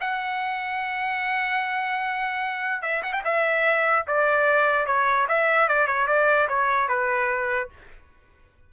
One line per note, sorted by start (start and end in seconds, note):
0.00 2.82 F#5
2.82 3.02 E5
3.02 3.12 F#5
3.12 3.22 G5
3.24 4.05 E5
4.07 4.86 D5
4.86 5.27 C#5
5.28 5.68 E5
5.68 5.87 D5
5.87 6.07 C#5
6.07 6.48 D5
6.48 6.88 C#5
6.88 7.69 B4